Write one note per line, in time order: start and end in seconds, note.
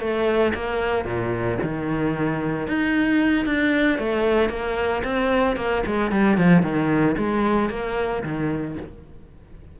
0.00 0.53 A3
0.54 1.05 A#3
1.05 1.58 A#2
1.62 2.67 D#3
2.67 3.46 D#4
3.46 3.98 D4
3.98 4.49 A3
4.49 5.02 A#3
5.03 5.56 C4
5.56 5.83 A#3
5.86 6.11 G#3
6.11 6.37 G3
6.37 6.63 F3
6.63 7.16 D#3
7.17 7.70 G#3
7.70 8.23 A#3
8.23 8.76 D#3